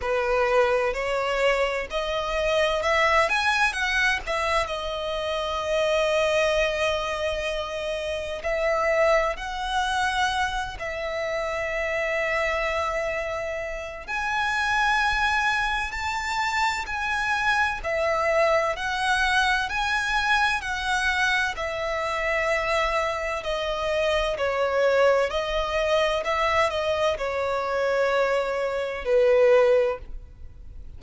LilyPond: \new Staff \with { instrumentName = "violin" } { \time 4/4 \tempo 4 = 64 b'4 cis''4 dis''4 e''8 gis''8 | fis''8 e''8 dis''2.~ | dis''4 e''4 fis''4. e''8~ | e''2. gis''4~ |
gis''4 a''4 gis''4 e''4 | fis''4 gis''4 fis''4 e''4~ | e''4 dis''4 cis''4 dis''4 | e''8 dis''8 cis''2 b'4 | }